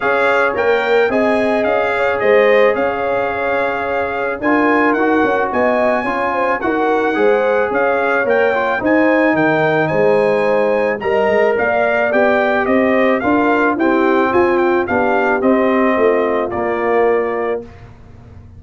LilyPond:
<<
  \new Staff \with { instrumentName = "trumpet" } { \time 4/4 \tempo 4 = 109 f''4 g''4 gis''4 f''4 | dis''4 f''2. | gis''4 fis''4 gis''2 | fis''2 f''4 g''4 |
gis''4 g''4 gis''2 | ais''4 f''4 g''4 dis''4 | f''4 g''4 gis''8 g''8 f''4 | dis''2 d''2 | }
  \new Staff \with { instrumentName = "horn" } { \time 4/4 cis''2 dis''4. cis''8 | c''4 cis''2. | ais'2 dis''4 cis''8 c''8 | ais'4 c''4 cis''2 |
c''4 ais'4 c''2 | dis''4 d''2 c''4 | ais'4 g'4 f'4 g'4~ | g'4 f'2. | }
  \new Staff \with { instrumentName = "trombone" } { \time 4/4 gis'4 ais'4 gis'2~ | gis'1 | f'4 fis'2 f'4 | fis'4 gis'2 ais'8 f'8 |
dis'1 | ais'2 g'2 | f'4 c'2 d'4 | c'2 ais2 | }
  \new Staff \with { instrumentName = "tuba" } { \time 4/4 cis'4 ais4 c'4 cis'4 | gis4 cis'2. | d'4 dis'8 cis'8 b4 cis'4 | dis'4 gis4 cis'4 ais4 |
dis'4 dis4 gis2 | g8 gis8 ais4 b4 c'4 | d'4 e'4 f'4 b4 | c'4 a4 ais2 | }
>>